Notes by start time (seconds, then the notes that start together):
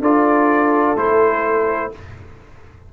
0.00 D4 F4 A4 D5
0.96 A3 E4 C5